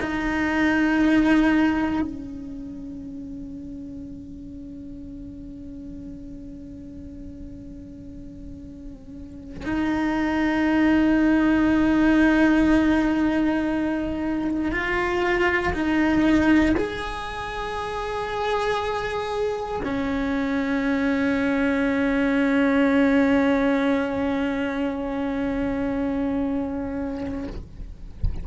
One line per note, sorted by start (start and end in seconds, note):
0.00 2.02 D#4
2.02 9.64 C#4
9.65 14.72 D#4
14.72 15.73 F4
15.74 16.76 D#4
16.77 19.82 G#4
19.84 27.47 C#4